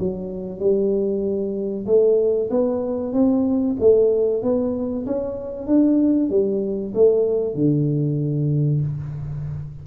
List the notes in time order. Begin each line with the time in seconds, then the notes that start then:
0.00 F#3
0.60 G3
1.87 A3
2.51 B3
3.13 C4
3.80 A3
4.43 B3
5.06 C#4
5.67 D4
6.30 G3
6.95 A3
7.55 D3